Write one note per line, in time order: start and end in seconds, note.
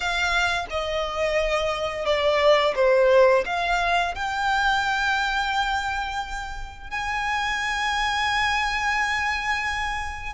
0.00 0.66 F5
0.70 2.05 D#5
2.05 2.74 D5
2.75 3.44 C5
3.45 4.14 F5
4.14 6.90 G5
6.90 10.33 G#5